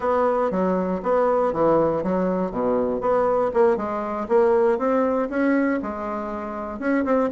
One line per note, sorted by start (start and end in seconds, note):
0.00 0.50 B3
0.50 1.01 F#3
1.02 1.52 B3
1.52 2.03 E3
2.03 2.51 F#3
2.51 3.00 B2
3.00 3.51 B3
3.53 3.77 A#3
3.77 4.27 G#3
4.28 4.78 A#3
4.78 5.28 C4
5.29 5.80 C#4
5.82 6.79 G#3
6.79 7.04 C#4
7.05 7.30 C4